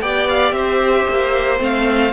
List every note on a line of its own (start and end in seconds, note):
0.00 0.51 B3
0.00 1.58 G4
0.00 0.54 D5
0.00 0.27 G5
0.28 0.51 F5
0.51 1.04 C4
0.51 2.12 C5
0.51 1.58 E5
1.08 1.60 A#3
1.58 2.12 A3
1.58 2.11 C4
1.58 2.12 F5